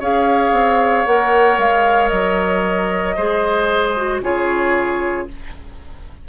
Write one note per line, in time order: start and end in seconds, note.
0.00 0.52 C#4
0.00 1.07 G#4
0.00 3.16 C#5
0.00 1.07 F5
0.52 1.05 C4
1.06 1.59 A#3
1.06 3.18 A#4
1.06 1.59 F#5
1.59 2.11 G#3
1.59 2.09 F5
2.09 3.17 F#3
2.09 4.19 D#5
3.16 4.21 G#3
3.16 3.97 G#4
3.16 4.22 C5
3.97 4.23 F#4
4.21 5.27 C#3
4.21 5.28 F4
4.21 5.29 G#4
4.21 5.28 C#5